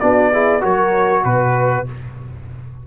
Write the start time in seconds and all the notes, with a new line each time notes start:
0.00 B3 D4 F#4 D5
0.32 E4 G#4
0.61 F#3 F#4 A#4 C#5
1.24 B2 B4